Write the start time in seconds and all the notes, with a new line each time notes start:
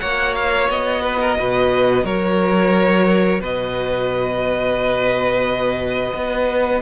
0.00 A#3 F#4 C#5 F#5
0.35 F5
0.69 B3 D#5
1.02 B4
1.20 A#4
1.39 B2 B4
2.04 F#3 A#4 C#5
3.40 B2 B4 D#5
6.13 B3